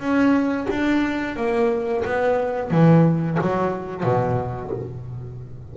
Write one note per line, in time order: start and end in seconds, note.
0.00 0.67 C#4
0.70 1.36 D4
1.36 2.04 A#3
2.05 2.71 B3
2.71 3.38 E3
3.41 4.04 F#3
4.04 4.71 B2